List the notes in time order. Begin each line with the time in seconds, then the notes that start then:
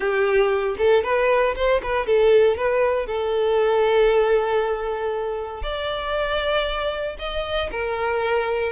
0.00 G4
0.78 A4
1.03 B4
1.55 C5
1.83 B4
2.06 A4
2.57 B4
3.06 A4
5.62 D5
7.18 D#5
7.71 A#4